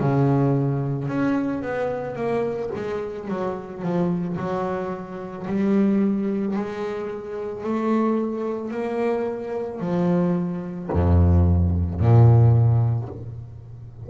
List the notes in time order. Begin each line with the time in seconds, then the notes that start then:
0.00 C#3
1.08 C#4
1.62 B3
2.16 A#3
2.75 G#3
3.28 F#3
3.82 F3
4.37 F#3
5.47 G3
6.57 G#3
7.64 A3
8.71 A#3
9.81 F3
10.93 F2
12.00 A#2